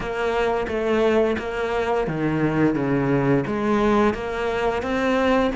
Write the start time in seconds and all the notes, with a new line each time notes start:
0.00 A#3
0.67 A3
1.38 A#3
2.07 D#3
2.75 C#3
3.46 G#3
4.13 A#3
4.82 C4